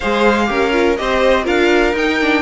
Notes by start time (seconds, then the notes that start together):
0.00 G#3 G#4 C5 F5
0.46 C#4 G4 A#4
0.72 F4
0.96 C4 G4 C5 D#5
1.43 D4 F4 A#4 F5
1.93 D#4 G5
2.21 D4